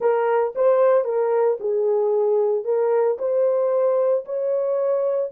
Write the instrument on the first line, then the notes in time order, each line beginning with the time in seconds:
horn
0.00 A#4
0.55 C5
1.04 A#4
1.60 G#4
2.64 A#4
3.18 C5
4.25 C#5